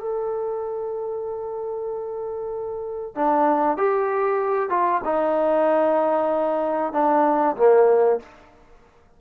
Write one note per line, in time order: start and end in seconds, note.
0.00 3.16 A4
3.16 3.78 D4
3.78 4.70 G4
4.70 5.02 F4
5.05 6.93 D#4
6.93 7.56 D4
7.57 8.20 A#3